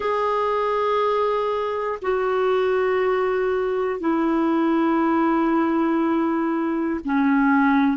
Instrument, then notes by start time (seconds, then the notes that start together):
clarinet
0.00 G#4
2.01 F#4
4.00 E4
7.05 C#4